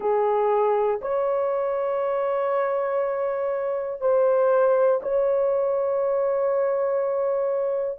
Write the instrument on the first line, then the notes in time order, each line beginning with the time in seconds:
horn
0.00 G#4
1.01 C#5
4.00 C5
5.02 C#5